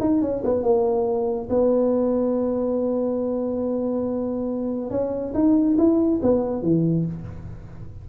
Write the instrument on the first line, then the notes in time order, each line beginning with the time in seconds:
tuba
0.00 D#4
0.21 C#4
0.44 B3
0.63 A#3
1.50 B3
4.90 C#4
5.34 D#4
5.77 E4
6.22 B3
6.63 E3